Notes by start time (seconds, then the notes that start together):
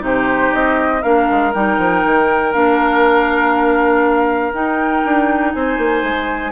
0.00 C3 D#4 G4 C5
0.53 C4 D#5
1.02 A#3 D4 A#4 F5
1.30 G#3
1.53 G3 D#4 G5
1.78 F3
2.05 D#3
2.52 A#3 D4 F5
4.52 D#4 G5
5.05 D4
5.52 C4 C5 G#5
5.77 A#3
6.02 G#3